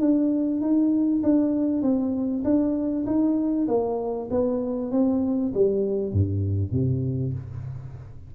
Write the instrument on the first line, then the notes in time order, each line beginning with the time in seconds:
tuba
0.00 D4
0.61 D#4
1.23 D4
1.82 C4
2.44 D4
3.06 D#4
3.68 A#3
4.30 B3
4.91 C4
5.54 G3
6.13 G2
6.72 C3